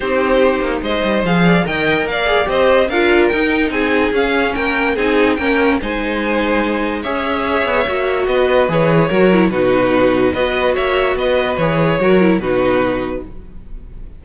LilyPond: <<
  \new Staff \with { instrumentName = "violin" } { \time 4/4 \tempo 4 = 145 c''2 dis''4 f''4 | g''4 f''4 dis''4 f''4 | g''4 gis''4 f''4 g''4 | gis''4 g''4 gis''2~ |
gis''4 e''2. | dis''4 cis''2 b'4~ | b'4 dis''4 e''4 dis''4 | cis''2 b'2 | }
  \new Staff \with { instrumentName = "violin" } { \time 4/4 g'2 c''4. d''8 | dis''4 d''4 c''4 ais'4~ | ais'4 gis'2 ais'4 | gis'4 ais'4 c''2~ |
c''4 cis''2. | b'2 ais'4 fis'4~ | fis'4 b'4 cis''4 b'4~ | b'4 ais'4 fis'2 | }
  \new Staff \with { instrumentName = "viola" } { \time 4/4 dis'2. gis'4 | ais'4. gis'8 g'4 f'4 | dis'2 cis'2 | dis'4 cis'4 dis'2~ |
dis'4 gis'2 fis'4~ | fis'4 gis'4 fis'8 e'8 dis'4~ | dis'4 fis'2. | gis'4 fis'8 e'8 dis'2 | }
  \new Staff \with { instrumentName = "cello" } { \time 4/4 c'4. ais8 gis8 g8 f4 | dis4 ais4 c'4 d'4 | dis'4 c'4 cis'4 ais4 | c'4 ais4 gis2~ |
gis4 cis'4. b8 ais4 | b4 e4 fis4 b,4~ | b,4 b4 ais4 b4 | e4 fis4 b,2 | }
>>